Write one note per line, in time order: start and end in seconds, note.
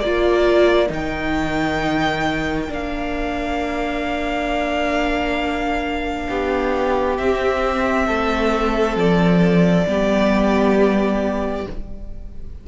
0.00 0.90 A#3
0.00 0.88 F4
0.00 6.29 A#4
0.00 0.90 D5
0.88 2.69 D#3
0.88 2.67 D#4
0.88 2.73 G5
2.68 6.28 A#3
2.68 7.16 D4
2.68 7.18 F5
6.29 7.19 B3
6.29 8.07 G4
7.18 8.09 C4
7.18 9.87 C4
7.18 8.97 E5
8.07 8.97 A3
8.07 9.86 A4
8.97 9.86 F3
8.97 11.68 D5
9.87 11.67 G3
9.87 11.67 B3
9.87 11.68 G4